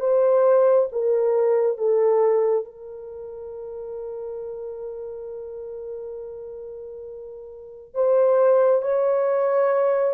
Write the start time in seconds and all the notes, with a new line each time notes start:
0.00 C5
0.91 A#4
1.77 A4
2.65 A#4
7.94 C5
8.82 C#5